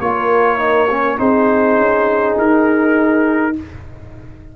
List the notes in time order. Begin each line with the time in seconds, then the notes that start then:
0.00 A#3 F4 A#4 C#5
0.59 D#4
0.90 C#4
1.18 C4 D#4 G#4 C5
1.77 C#4
2.37 D#4 A#4